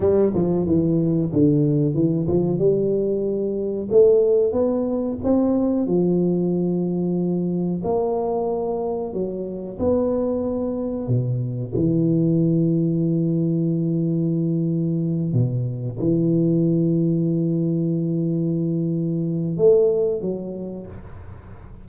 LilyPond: \new Staff \with { instrumentName = "tuba" } { \time 4/4 \tempo 4 = 92 g8 f8 e4 d4 e8 f8 | g2 a4 b4 | c'4 f2. | ais2 fis4 b4~ |
b4 b,4 e2~ | e2.~ e8 b,8~ | b,8 e2.~ e8~ | e2 a4 fis4 | }